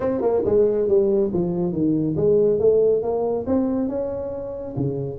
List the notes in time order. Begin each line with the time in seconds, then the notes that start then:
0.00 C4
0.21 A#3
0.45 G#3
0.88 G3
1.33 F3
1.72 D#3
2.16 G#3
2.59 A3
3.02 A#3
3.46 C4
3.88 C#4
4.76 C#3